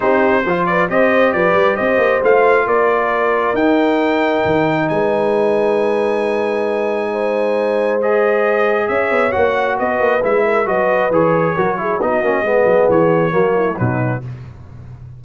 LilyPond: <<
  \new Staff \with { instrumentName = "trumpet" } { \time 4/4 \tempo 4 = 135 c''4. d''8 dis''4 d''4 | dis''4 f''4 d''2 | g''2. gis''4~ | gis''1~ |
gis''2 dis''2 | e''4 fis''4 dis''4 e''4 | dis''4 cis''2 dis''4~ | dis''4 cis''2 b'4 | }
  \new Staff \with { instrumentName = "horn" } { \time 4/4 g'4 c''8 b'8 c''4 b'4 | c''2 ais'2~ | ais'2. b'4~ | b'1 |
c''1 | cis''2 b'4. ais'8 | b'2 ais'8 gis'8 fis'4 | gis'2 fis'8 e'8 dis'4 | }
  \new Staff \with { instrumentName = "trombone" } { \time 4/4 dis'4 f'4 g'2~ | g'4 f'2. | dis'1~ | dis'1~ |
dis'2 gis'2~ | gis'4 fis'2 e'4 | fis'4 gis'4 fis'8 e'8 dis'8 cis'8 | b2 ais4 fis4 | }
  \new Staff \with { instrumentName = "tuba" } { \time 4/4 c'4 f4 c'4 f8 g8 | c'8 ais8 a4 ais2 | dis'2 dis4 gis4~ | gis1~ |
gis1 | cis'8 b8 ais4 b8 ais8 gis4 | fis4 e4 fis4 b8 ais8 | gis8 fis8 e4 fis4 b,4 | }
>>